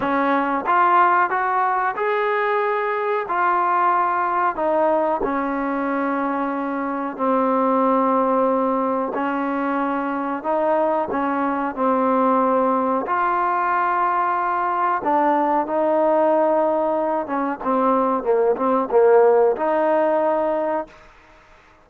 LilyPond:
\new Staff \with { instrumentName = "trombone" } { \time 4/4 \tempo 4 = 92 cis'4 f'4 fis'4 gis'4~ | gis'4 f'2 dis'4 | cis'2. c'4~ | c'2 cis'2 |
dis'4 cis'4 c'2 | f'2. d'4 | dis'2~ dis'8 cis'8 c'4 | ais8 c'8 ais4 dis'2 | }